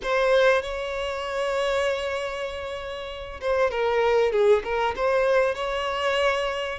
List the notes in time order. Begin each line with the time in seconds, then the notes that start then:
0.02 C5
0.62 C#5
3.40 C5
3.70 A#4
4.32 G#4
4.64 A#4
4.96 C5
5.54 C#5